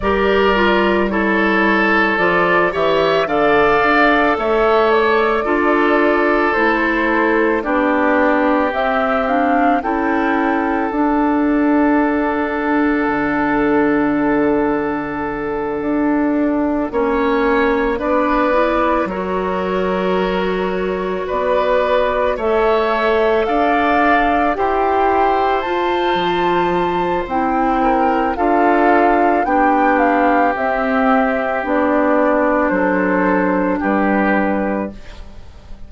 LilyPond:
<<
  \new Staff \with { instrumentName = "flute" } { \time 4/4 \tempo 4 = 55 d''4 cis''4 d''8 e''8 f''4 | e''8 d''4. c''4 d''4 | e''8 f''8 g''4 fis''2~ | fis''1~ |
fis''8 d''4 cis''2 d''8~ | d''8 e''4 f''4 g''4 a''8~ | a''4 g''4 f''4 g''8 f''8 | e''4 d''4 c''4 b'4 | }
  \new Staff \with { instrumentName = "oboe" } { \time 4/4 ais'4 a'4. cis''8 d''4 | cis''4 a'2 g'4~ | g'4 a'2.~ | a'2.~ a'8 cis''8~ |
cis''8 b'4 ais'2 b'8~ | b'8 cis''4 d''4 c''4.~ | c''4. ais'8 a'4 g'4~ | g'2 a'4 g'4 | }
  \new Staff \with { instrumentName = "clarinet" } { \time 4/4 g'8 f'8 e'4 f'8 g'8 a'4~ | a'4 f'4 e'4 d'4 | c'8 d'8 e'4 d'2~ | d'2.~ d'8 cis'8~ |
cis'8 d'8 e'8 fis'2~ fis'8~ | fis'8 a'2 g'4 f'8~ | f'4 e'4 f'4 d'4 | c'4 d'2. | }
  \new Staff \with { instrumentName = "bassoon" } { \time 4/4 g2 f8 e8 d8 d'8 | a4 d'4 a4 b4 | c'4 cis'4 d'2 | d2~ d8 d'4 ais8~ |
ais8 b4 fis2 b8~ | b8 a4 d'4 e'4 f'8 | f4 c'4 d'4 b4 | c'4 b4 fis4 g4 | }
>>